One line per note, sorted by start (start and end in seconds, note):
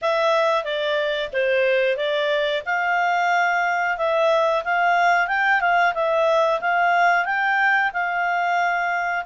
0.01 0.64 E5
0.64 1.30 D5
1.32 1.96 C5
1.96 2.62 D5
2.65 3.97 F5
3.97 4.63 E5
4.64 5.27 F5
5.27 5.60 G5
5.60 5.93 F5
5.94 6.60 E5
6.61 7.25 F5
7.25 7.91 G5
7.93 9.25 F5